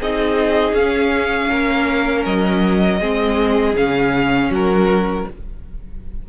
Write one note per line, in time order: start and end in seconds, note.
0.00 0.73 C4
0.00 0.77 D#4
0.00 1.49 G#4
0.00 0.75 D#5
0.73 1.48 C#4
0.73 3.01 C#4
0.73 2.25 F5
1.49 2.25 A#3
1.49 2.99 A#4
2.25 3.00 F#3
2.25 3.76 D#5
3.00 3.75 G#3
3.00 3.76 C4
3.00 4.50 G#4
3.77 4.49 C#3
3.77 5.27 C#4
3.77 4.52 F5
4.49 5.24 F#3
4.49 5.25 F#4
4.49 5.29 A#4